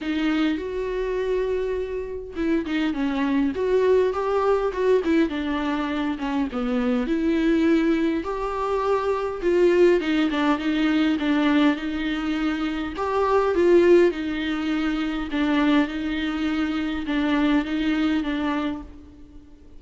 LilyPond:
\new Staff \with { instrumentName = "viola" } { \time 4/4 \tempo 4 = 102 dis'4 fis'2. | e'8 dis'8 cis'4 fis'4 g'4 | fis'8 e'8 d'4. cis'8 b4 | e'2 g'2 |
f'4 dis'8 d'8 dis'4 d'4 | dis'2 g'4 f'4 | dis'2 d'4 dis'4~ | dis'4 d'4 dis'4 d'4 | }